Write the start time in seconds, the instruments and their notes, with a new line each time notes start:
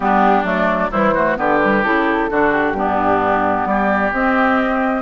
0.00 bassoon G3, clarinet B3, oboe D4, flute G4
0.43 bassoon F#3, clarinet A3, flute D5
0.90 bassoon E3, clarinet G3, oboe E4, flute C5
1.14 clarinet A3, oboe F#4
1.36 bassoon D3, clarinet B3, oboe G4, flute B4
1.61 clarinet G3
1.83 bassoon C#3, clarinet E4, flute A4
2.30 bassoon D3, clarinet D4, oboe F#4
2.52 flute G4
2.72 bassoon G2, clarinet B3
2.78 oboe D4
3.65 bassoon G3, oboe G4, flute D5
4.12 bassoon C4, clarinet C4, flute D#5